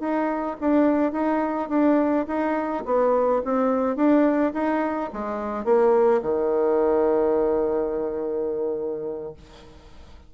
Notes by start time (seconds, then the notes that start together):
0.00 D#4
0.60 D4
1.12 D#4
1.69 D4
2.27 D#4
2.85 B3
3.45 C4
3.96 D4
4.54 D#4
5.13 G#3
5.64 A#3
6.22 D#3